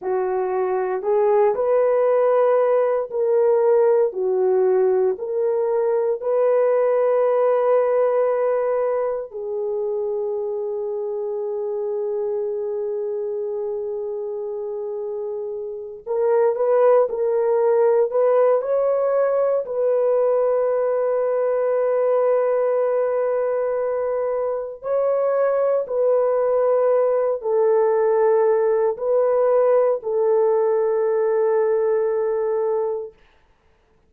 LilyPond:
\new Staff \with { instrumentName = "horn" } { \time 4/4 \tempo 4 = 58 fis'4 gis'8 b'4. ais'4 | fis'4 ais'4 b'2~ | b'4 gis'2.~ | gis'2.~ gis'8 ais'8 |
b'8 ais'4 b'8 cis''4 b'4~ | b'1 | cis''4 b'4. a'4. | b'4 a'2. | }